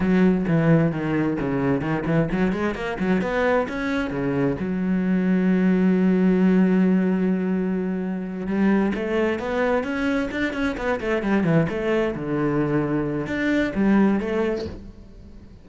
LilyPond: \new Staff \with { instrumentName = "cello" } { \time 4/4 \tempo 4 = 131 fis4 e4 dis4 cis4 | dis8 e8 fis8 gis8 ais8 fis8 b4 | cis'4 cis4 fis2~ | fis1~ |
fis2~ fis8 g4 a8~ | a8 b4 cis'4 d'8 cis'8 b8 | a8 g8 e8 a4 d4.~ | d4 d'4 g4 a4 | }